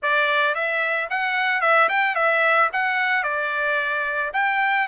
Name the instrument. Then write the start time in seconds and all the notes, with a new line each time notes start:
trumpet
0.02 D5
0.54 E5
1.10 F#5
1.61 E5
1.88 G5
2.15 E5
2.72 F#5
3.23 D5
4.33 G5